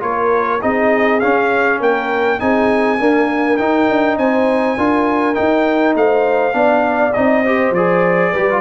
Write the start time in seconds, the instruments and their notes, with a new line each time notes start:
0.00 tuba A#3, trombone F4, horn A#4, trumpet C#5
0.62 tuba C4, trombone D#4, horn G#4, trumpet D#5
1.20 tuba C#4, trombone C#4, trumpet F5
1.80 tuba A#3, horn A#4, trumpet G5
2.39 tuba C4, trombone D#4, horn G#4, trumpet G#5
2.99 trombone A#3, tuba D4, horn A#4
3.57 trombone D#4, tuba D#4, trumpet G5
3.89 tuba D4
4.18 tuba C4, horn C5, trumpet G#5
4.77 tuba D4, trombone F4, horn A#4
5.35 trombone D#4, tuba D#4, trumpet G5
5.95 tuba A3, horn C5, trumpet F5
6.52 tuba B3, trombone D4, horn D5
7.13 tuba C4, trombone D#4, trumpet D#5
7.43 trombone G4, horn C5
7.71 tuba F3, trombone G#4, trumpet D5
8.32 tuba G3, trombone G4, horn B4
8.50 trombone F4